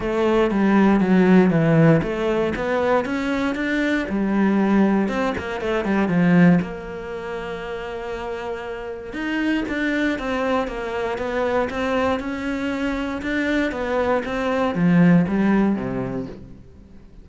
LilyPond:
\new Staff \with { instrumentName = "cello" } { \time 4/4 \tempo 4 = 118 a4 g4 fis4 e4 | a4 b4 cis'4 d'4 | g2 c'8 ais8 a8 g8 | f4 ais2.~ |
ais2 dis'4 d'4 | c'4 ais4 b4 c'4 | cis'2 d'4 b4 | c'4 f4 g4 c4 | }